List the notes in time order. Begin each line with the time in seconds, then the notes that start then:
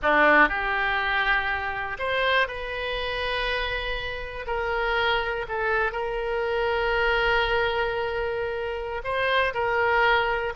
0.02 D4
0.48 G4
1.99 C5
2.47 B4
4.46 A#4
5.48 A4
5.92 A#4
9.04 C5
9.53 A#4